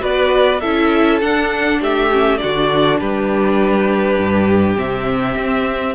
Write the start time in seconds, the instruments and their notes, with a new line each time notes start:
0.00 cello B3, viola F#4, violin B4 D5
0.61 cello C#4, viola E4, violin A4 E5
1.22 viola D4, cello D4, violin F#5
1.81 cello A3, violin G4 E5
2.12 viola C#4
2.38 viola D4, violin F#4 D5
2.44 cello D3
3.00 cello G3, violin G4 B4
4.18 cello G2
4.77 cello C3, viola C4, violin E5
5.37 cello C4